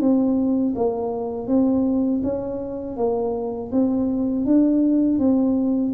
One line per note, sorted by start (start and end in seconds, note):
0.00 0.74 C4
0.76 1.47 A#3
1.47 2.21 C4
2.23 2.97 C#4
2.97 3.71 A#3
3.71 4.45 C4
4.45 5.19 D4
5.19 5.93 C4